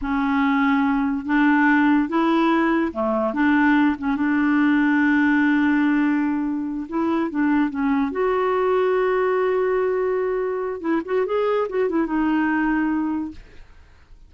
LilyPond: \new Staff \with { instrumentName = "clarinet" } { \time 4/4 \tempo 4 = 144 cis'2. d'4~ | d'4 e'2 a4 | d'4. cis'8 d'2~ | d'1~ |
d'8 e'4 d'4 cis'4 fis'8~ | fis'1~ | fis'2 e'8 fis'8 gis'4 | fis'8 e'8 dis'2. | }